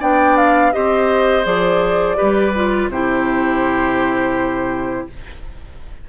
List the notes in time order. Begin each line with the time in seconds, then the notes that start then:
0.00 B3 D4 D5 G5
0.37 F5
0.72 C4 G4 C5 D#5
1.44 F3 G#4 D5
2.16 G3 G4 B4
2.55 F4
2.89 C3 E4 G4 C5